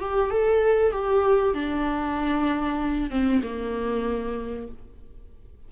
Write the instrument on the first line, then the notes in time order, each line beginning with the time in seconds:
viola
0.00 G4
0.31 A4
0.92 G4
1.55 D4
3.11 C4
3.43 A#3